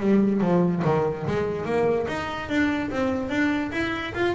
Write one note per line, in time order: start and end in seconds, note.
0.00 0.41 G3
0.41 0.83 F3
0.85 1.26 D#3
1.28 1.65 G#3
1.65 2.07 A#3
2.08 2.49 D#4
2.49 2.91 D4
2.91 3.30 C4
3.30 3.71 D4
3.72 4.14 E4
4.15 4.35 F4